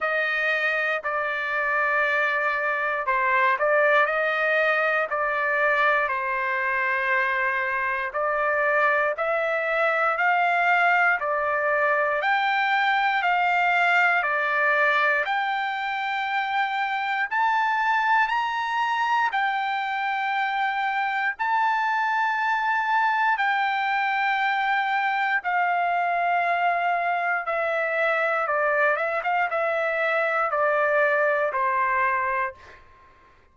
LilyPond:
\new Staff \with { instrumentName = "trumpet" } { \time 4/4 \tempo 4 = 59 dis''4 d''2 c''8 d''8 | dis''4 d''4 c''2 | d''4 e''4 f''4 d''4 | g''4 f''4 d''4 g''4~ |
g''4 a''4 ais''4 g''4~ | g''4 a''2 g''4~ | g''4 f''2 e''4 | d''8 e''16 f''16 e''4 d''4 c''4 | }